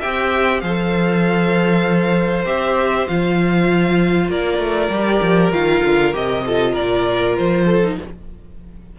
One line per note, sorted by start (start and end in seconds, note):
0.00 0.63 C4
0.00 0.63 G4
0.00 0.61 E5
0.00 0.61 G5
0.61 2.46 F3
0.61 2.46 A4
0.61 4.31 C5
0.61 2.45 F5
2.46 3.07 C4
2.46 3.07 G4
2.46 3.08 E5
3.07 4.29 F3
3.07 4.91 F4
3.07 4.31 F5
4.29 4.59 A#3
4.29 6.45 A#4
4.29 5.53 D5
4.59 4.89 A3
4.90 5.21 G3
4.90 5.52 G4
5.22 5.52 F3
5.52 5.83 D#3
5.52 6.13 F4
5.52 6.15 F5
5.84 6.15 D3
6.13 6.77 C3
6.13 6.44 G4
6.13 6.76 D#5
6.46 7.83 F4
6.46 6.73 A4
6.73 7.38 A#2
6.73 7.65 A#4
6.73 7.37 D5
7.38 8.00 F3
7.38 7.99 C5
7.66 7.97 A4
7.83 7.99 D#4